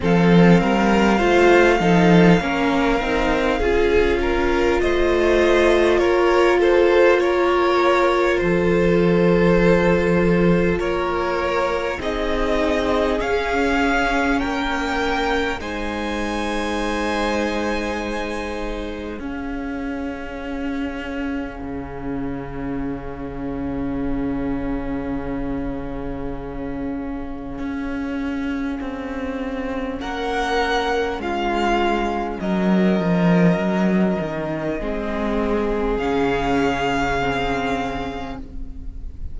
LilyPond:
<<
  \new Staff \with { instrumentName = "violin" } { \time 4/4 \tempo 4 = 50 f''1 | dis''4 cis''8 c''8 cis''4 c''4~ | c''4 cis''4 dis''4 f''4 | g''4 gis''2. |
f''1~ | f''1~ | f''4 fis''4 f''4 dis''4~ | dis''2 f''2 | }
  \new Staff \with { instrumentName = "violin" } { \time 4/4 a'8 ais'8 c''8 a'8 ais'4 gis'8 ais'8 | c''4 ais'8 a'8 ais'4 a'4~ | a'4 ais'4 gis'2 | ais'4 c''2. |
gis'1~ | gis'1~ | gis'4 ais'4 f'4 ais'4~ | ais'4 gis'2. | }
  \new Staff \with { instrumentName = "viola" } { \time 4/4 c'4 f'8 dis'8 cis'8 dis'8 f'4~ | f'1~ | f'2 dis'4 cis'4~ | cis'4 dis'2. |
cis'1~ | cis'1~ | cis'1~ | cis'4 c'4 cis'4 c'4 | }
  \new Staff \with { instrumentName = "cello" } { \time 4/4 f8 g8 a8 f8 ais8 c'8 cis'4 | a4 ais2 f4~ | f4 ais4 c'4 cis'4 | ais4 gis2. |
cis'2 cis2~ | cis2. cis'4 | c'4 ais4 gis4 fis8 f8 | fis8 dis8 gis4 cis2 | }
>>